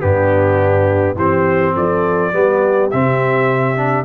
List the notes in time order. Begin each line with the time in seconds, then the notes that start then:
0.00 G2 B3 D4 G4
1.15 E3 C4 G4 C5
1.74 F3 A4 D5
2.33 G3 B3 G4
2.90 C3 C4 E5
3.76 D4